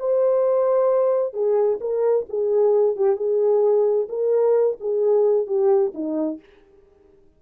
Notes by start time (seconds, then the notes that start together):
0.00 C5
1.34 G#4
1.81 A#4
2.29 G#4
2.97 G4
3.17 G#4
4.09 A#4
4.81 G#4
5.47 G4
5.95 D#4